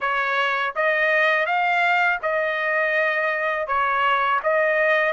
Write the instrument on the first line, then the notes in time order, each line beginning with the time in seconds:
trumpet
0.00 C#5
0.75 D#5
1.45 F5
2.22 D#5
3.67 C#5
4.43 D#5